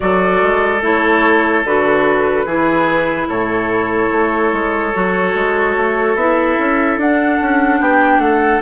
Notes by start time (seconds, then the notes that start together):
0.00 F#3 F#4 A4 D5
0.42 G#3
0.81 A3 E4 C#5
1.64 D3 F#4 B4
2.45 E3 E4 G#4
3.28 A2 A4 C#5
4.11 A3
4.52 G#3
4.94 F#3 F#4
5.34 G#3
5.76 A3
6.15 B3 E4 E5
6.58 C#4
6.97 D4 F#5
7.41 C#4
7.79 B3 G4 G5
8.18 A3 A4 F#5